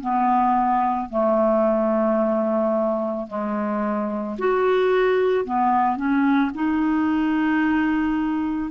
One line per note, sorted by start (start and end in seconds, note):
0.00 1.09 B3
1.09 3.27 A3
3.27 4.36 G#3
4.38 5.44 F#4
5.44 5.96 B3
5.96 6.51 C#4
6.55 8.71 D#4